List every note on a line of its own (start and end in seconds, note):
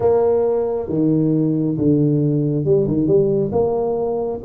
0.00 0.88 A#3
0.88 1.76 D#3
1.78 2.64 D3
2.64 2.86 G3
2.87 3.06 D#3
3.06 3.51 G3
3.51 4.40 A#3